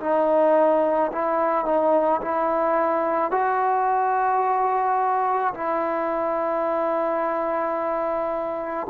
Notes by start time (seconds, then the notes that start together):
0.00 D#4
1.12 E4
1.65 D#4
2.22 E4
3.31 F#4
5.54 E4